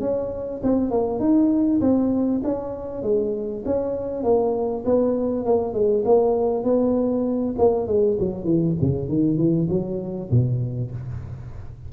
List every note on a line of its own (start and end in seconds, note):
0.00 0.61 C#4
0.63 0.90 C4
0.90 1.19 A#3
1.19 1.80 D#4
1.80 2.41 C4
2.44 3.02 C#4
3.02 3.63 G#3
3.65 4.23 C#4
4.23 4.84 A#3
4.85 5.45 B3
5.45 5.73 A#3
5.73 6.03 G#3
6.04 6.63 A#3
6.63 7.54 B3
7.58 7.87 A#3
7.87 8.17 G#3
8.19 8.44 F#3
8.44 8.74 E3
8.80 9.08 C#3
9.08 9.37 D#3
9.37 9.67 E3
9.69 10.29 F#3
10.30 10.91 B2